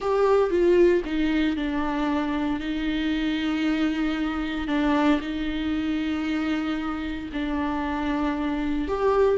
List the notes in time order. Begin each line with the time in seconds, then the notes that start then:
0.00 G4
0.50 F4
1.04 D#4
1.56 D4
2.59 D#4
4.67 D4
5.20 D#4
7.32 D4
8.88 G4